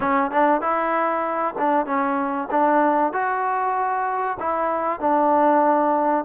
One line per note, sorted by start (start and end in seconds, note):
0.00 0.31 C#4
0.31 0.61 D4
0.61 1.55 E4
1.58 1.86 D4
1.86 2.48 C#4
2.50 3.12 D4
3.12 4.37 F#4
4.39 5.00 E4
5.00 6.24 D4